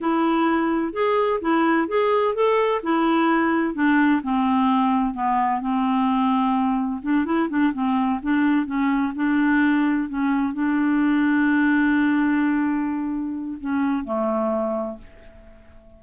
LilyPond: \new Staff \with { instrumentName = "clarinet" } { \time 4/4 \tempo 4 = 128 e'2 gis'4 e'4 | gis'4 a'4 e'2 | d'4 c'2 b4 | c'2. d'8 e'8 |
d'8 c'4 d'4 cis'4 d'8~ | d'4. cis'4 d'4.~ | d'1~ | d'4 cis'4 a2 | }